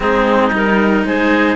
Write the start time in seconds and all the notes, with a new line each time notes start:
0.00 G#3 C4 D#4 G#4
0.51 G3 D#4 A#4
1.04 G#3 G#4 C5